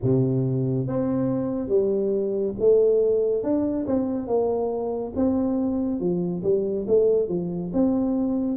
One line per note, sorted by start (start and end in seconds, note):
0.02 0.86 C3
0.86 1.68 C4
1.68 2.54 G3
2.59 3.43 A3
3.43 3.86 D4
3.86 4.27 C4
4.27 5.12 A#3
5.15 6.00 C4
6.00 6.42 F3
6.43 6.86 G3
6.87 7.28 A3
7.28 7.71 F3
7.73 8.57 C4